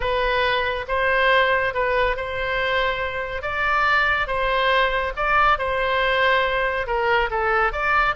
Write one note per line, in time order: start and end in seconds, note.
0.00 0.85 B4
0.88 1.74 C5
1.74 2.16 B4
2.16 3.41 C5
3.41 4.27 D5
4.27 5.13 C5
5.16 5.58 D5
5.58 6.86 C5
6.86 7.29 A#4
7.30 7.72 A4
7.72 8.15 D5